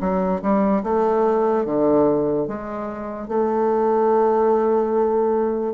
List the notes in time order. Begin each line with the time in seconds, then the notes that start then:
0.00 F#3
0.41 G3
0.83 A3
1.65 D3
2.47 G#3
3.28 A3